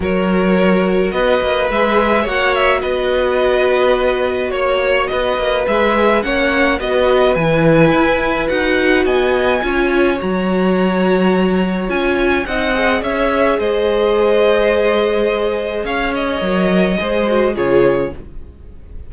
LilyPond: <<
  \new Staff \with { instrumentName = "violin" } { \time 4/4 \tempo 4 = 106 cis''2 dis''4 e''4 | fis''8 e''8 dis''2. | cis''4 dis''4 e''4 fis''4 | dis''4 gis''2 fis''4 |
gis''2 ais''2~ | ais''4 gis''4 fis''4 e''4 | dis''1 | f''8 dis''2~ dis''8 cis''4 | }
  \new Staff \with { instrumentName = "violin" } { \time 4/4 ais'2 b'2 | cis''4 b'2. | cis''4 b'2 cis''4 | b'1 |
dis''4 cis''2.~ | cis''2 dis''4 cis''4 | c''1 | cis''2 c''4 gis'4 | }
  \new Staff \with { instrumentName = "viola" } { \time 4/4 fis'2. gis'4 | fis'1~ | fis'2 gis'4 cis'4 | fis'4 e'2 fis'4~ |
fis'4 f'4 fis'2~ | fis'4 f'4 dis'8 gis'4.~ | gis'1~ | gis'4 ais'4 gis'8 fis'8 f'4 | }
  \new Staff \with { instrumentName = "cello" } { \time 4/4 fis2 b8 ais8 gis4 | ais4 b2. | ais4 b8 ais8 gis4 ais4 | b4 e4 e'4 dis'4 |
b4 cis'4 fis2~ | fis4 cis'4 c'4 cis'4 | gis1 | cis'4 fis4 gis4 cis4 | }
>>